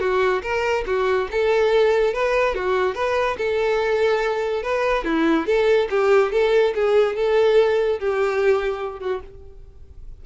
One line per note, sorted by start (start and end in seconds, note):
0.00 0.42 F#4
0.43 0.84 A#4
0.87 1.29 F#4
1.31 2.14 A4
2.14 2.55 B4
2.55 2.95 F#4
2.95 3.37 B4
3.38 4.63 A4
4.63 5.04 B4
5.04 5.46 E4
5.47 5.89 A4
5.90 6.32 G4
6.32 6.74 A4
6.75 7.16 G#4
7.16 7.99 A4
7.99 9.00 G4
9.00 9.21 F#4